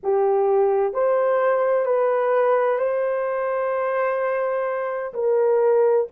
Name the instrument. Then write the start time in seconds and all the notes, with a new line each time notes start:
horn
0.03 G4
0.93 C5
1.85 B4
2.79 C5
5.13 A#4